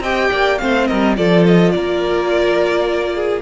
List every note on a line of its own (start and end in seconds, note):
0.00 0.28 C4
0.00 0.59 G4
0.00 0.29 D#5
0.00 0.58 G5
0.31 0.60 A#3
0.31 0.59 D5
0.58 0.90 A3
0.58 1.16 C4
0.58 0.88 C5
0.58 0.86 F5
0.87 1.18 G3
0.87 1.16 A#4
0.87 1.15 D#5
1.16 1.75 F3
1.16 3.42 F4
1.16 1.74 A4
1.16 1.45 D5
1.47 1.71 D#5
1.71 3.42 A#3
1.71 3.15 A#4
1.71 3.41 D5
3.15 3.42 G#4